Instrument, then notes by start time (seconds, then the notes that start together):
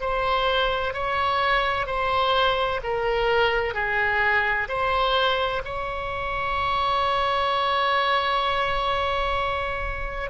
oboe
0.00 C5
0.93 C#5
1.86 C5
2.83 A#4
3.74 G#4
4.68 C5
5.65 C#5